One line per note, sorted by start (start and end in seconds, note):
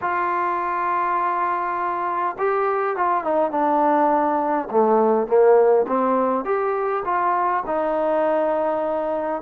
0.01 2.36 F4
2.38 2.96 G4
2.96 3.24 F4
3.24 3.51 D#4
3.51 4.68 D4
4.70 5.27 A3
5.27 5.86 A#3
5.87 6.44 C4
6.44 7.03 G4
7.04 7.63 F4
7.66 9.41 D#4